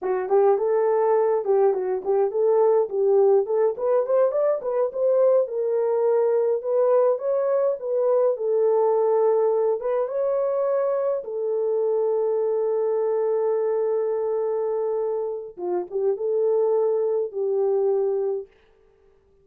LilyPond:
\new Staff \with { instrumentName = "horn" } { \time 4/4 \tempo 4 = 104 fis'8 g'8 a'4. g'8 fis'8 g'8 | a'4 g'4 a'8 b'8 c''8 d''8 | b'8 c''4 ais'2 b'8~ | b'8 cis''4 b'4 a'4.~ |
a'4 b'8 cis''2 a'8~ | a'1~ | a'2. f'8 g'8 | a'2 g'2 | }